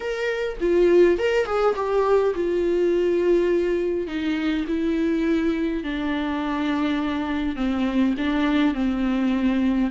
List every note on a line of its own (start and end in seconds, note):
0.00 0.57 A#4
0.60 1.18 F4
1.18 1.45 A#4
1.45 1.74 G#4
1.75 2.34 G4
2.35 4.07 F4
4.07 4.65 D#4
4.67 5.83 E4
5.83 7.56 D4
7.56 8.14 C4
8.17 8.74 D4
8.74 9.90 C4